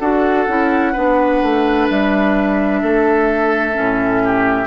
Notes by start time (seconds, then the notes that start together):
0.00 D4 F#4 A4 F#5
0.48 C#4 E4
0.93 B3 D4 B4
1.43 A3
1.90 G3 E5
2.82 A3 A4
3.74 A2 C#4
4.25 G4